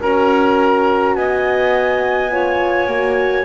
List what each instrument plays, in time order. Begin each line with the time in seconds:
0.00 double bass C#4, horn F#4, clarinet A#4, flute A#5
1.15 double bass B3, clarinet D#5, flute G#5
2.31 horn F4, clarinet C#5
2.87 double bass A#3, horn F#4